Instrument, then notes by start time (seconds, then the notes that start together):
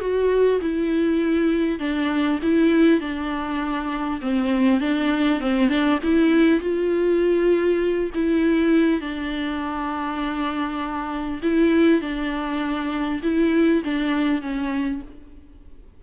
viola
0.00 F#4
0.61 E4
1.79 D4
2.42 E4
3.00 D4
4.21 C4
4.80 D4
5.40 C4
5.68 D4
6.03 E4
6.60 F4
8.14 E4
9.01 D4
11.42 E4
12.01 D4
13.22 E4
13.84 D4
14.42 C#4